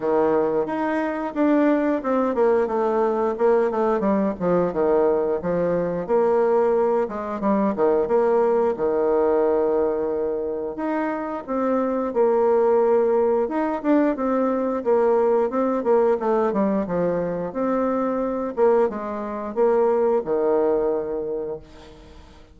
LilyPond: \new Staff \with { instrumentName = "bassoon" } { \time 4/4 \tempo 4 = 89 dis4 dis'4 d'4 c'8 ais8 | a4 ais8 a8 g8 f8 dis4 | f4 ais4. gis8 g8 dis8 | ais4 dis2. |
dis'4 c'4 ais2 | dis'8 d'8 c'4 ais4 c'8 ais8 | a8 g8 f4 c'4. ais8 | gis4 ais4 dis2 | }